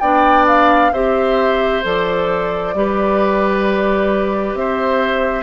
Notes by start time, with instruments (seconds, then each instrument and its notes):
0.00 bassoon B3, clarinet D4, oboe D5, flute G5
0.48 flute F5
0.92 bassoon C4, clarinet G4, oboe C5, flute E5
1.83 bassoon F3, clarinet A4, flute D5
2.74 bassoon G3, clarinet G4, oboe B4
4.54 bassoon C4, oboe C5, flute E5